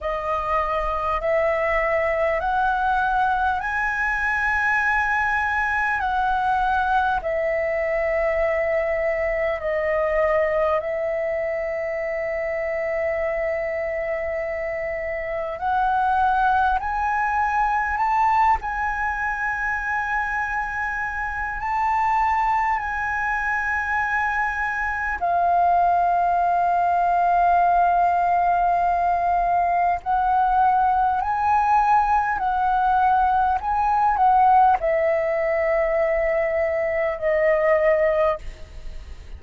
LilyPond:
\new Staff \with { instrumentName = "flute" } { \time 4/4 \tempo 4 = 50 dis''4 e''4 fis''4 gis''4~ | gis''4 fis''4 e''2 | dis''4 e''2.~ | e''4 fis''4 gis''4 a''8 gis''8~ |
gis''2 a''4 gis''4~ | gis''4 f''2.~ | f''4 fis''4 gis''4 fis''4 | gis''8 fis''8 e''2 dis''4 | }